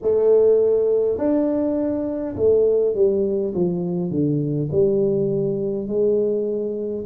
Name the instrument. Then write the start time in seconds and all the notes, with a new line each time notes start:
tuba
0.02 A3
1.18 D4
2.35 A3
2.94 G3
3.53 F3
4.10 D3
4.71 G3
5.87 G#3